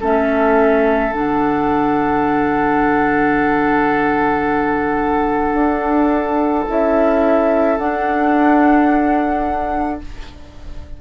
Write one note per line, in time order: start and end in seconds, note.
0.00 1.12 A3
0.00 1.12 C#4
0.00 10.00 A4
0.00 1.12 E5
1.12 5.53 D3
1.12 6.67 D4
1.12 6.68 F#5
5.53 6.64 D4
6.67 7.78 C#4
6.67 7.78 E4
6.67 7.77 E5
7.77 10.00 D4
7.77 10.01 D4
7.77 10.00 F#5